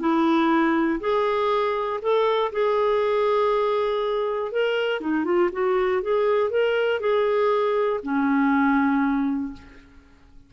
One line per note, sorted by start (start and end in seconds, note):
0.00 1.00 E4
1.00 2.00 G#4
2.02 2.52 A4
2.52 4.52 G#4
4.52 5.01 A#4
5.01 5.25 D#4
5.25 5.50 F4
5.52 6.02 F#4
6.02 6.50 G#4
6.50 7.00 A#4
7.00 8.00 G#4
8.03 9.53 C#4